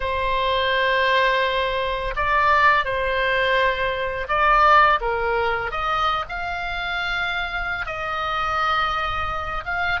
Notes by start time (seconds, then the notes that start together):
0.00 C5
2.16 D5
2.84 C5
4.28 D5
5.00 A#4
5.71 D#5
6.29 F5
7.86 D#5
9.65 F5